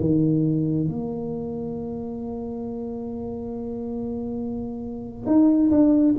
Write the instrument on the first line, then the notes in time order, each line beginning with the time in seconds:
tuba
0.00 D#3
0.88 A#3
5.26 D#4
5.71 D4